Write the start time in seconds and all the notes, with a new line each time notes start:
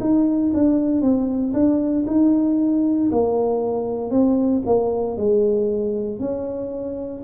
0.00 D#4
0.54 D4
1.01 C4
1.53 D4
2.06 D#4
3.11 A#3
4.11 C4
4.66 A#3
5.17 G#3
6.19 C#4